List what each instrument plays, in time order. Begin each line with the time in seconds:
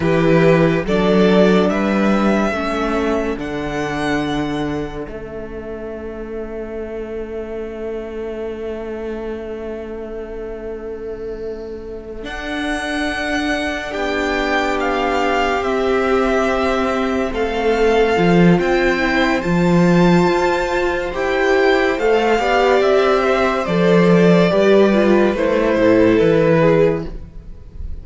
0.00 cello E3, viola E4, violin G4 B4
0.85 cello F#3, viola D4, violin A4 D5
1.69 cello G3, violin B4 E5
2.51 cello A3, viola C#4, violin A4
3.37 cello D3, viola D4, violin F#5
5.05 cello A3, viola C#4, violin E5
12.22 viola D4, cello D4, violin F#5
13.91 cello B3, violin G4 G5
14.80 violin F5
15.61 cello C4, viola C4, violin E5
17.32 cello A3, violin A4 F5
18.17 cello F3, viola F4
18.58 cello C4, violin C5 G5
18.99 viola E4
19.41 cello F3, viola F4, violin A5
20.26 cello F4
21.12 cello E4, viola G4, violin G5
21.98 cello A3, viola A4, violin F5
22.38 cello B3, viola G4, violin D5
22.80 cello C4, violin E5
23.23 violin C5
23.65 cello F3, viola A4, violin D5
24.50 cello G3, viola G4, violin B4
24.93 viola F4
25.34 cello A3, viola E4, violin C5
25.76 cello A2, violin A4
26.18 cello E3, violin B4
26.60 violin G#4